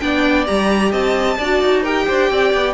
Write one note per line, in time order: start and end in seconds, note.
0.00 0.48 B3
0.00 0.46 D4
0.00 0.92 D5
0.00 0.46 G5
0.46 0.92 G3
0.46 1.38 G4
0.46 0.92 A#5
0.92 1.38 C4
0.92 1.37 D#5
0.92 1.84 A5
1.38 1.62 D4
1.38 1.84 F#4
1.38 1.82 D5
1.62 2.08 D#4
1.82 2.74 G4
1.82 2.05 A#4
1.82 2.74 G5
2.07 2.31 D4
2.07 2.30 C5
2.31 2.54 C4
2.31 2.74 D5
2.54 2.74 B3